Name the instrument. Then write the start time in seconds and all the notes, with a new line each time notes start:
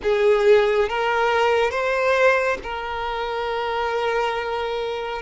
violin
0.02 G#4
0.89 A#4
1.70 C5
2.63 A#4